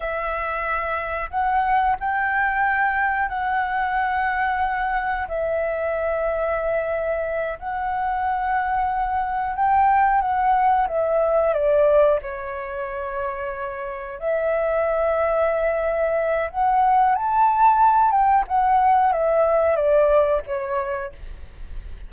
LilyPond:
\new Staff \with { instrumentName = "flute" } { \time 4/4 \tempo 4 = 91 e''2 fis''4 g''4~ | g''4 fis''2. | e''2.~ e''8 fis''8~ | fis''2~ fis''8 g''4 fis''8~ |
fis''8 e''4 d''4 cis''4.~ | cis''4. e''2~ e''8~ | e''4 fis''4 a''4. g''8 | fis''4 e''4 d''4 cis''4 | }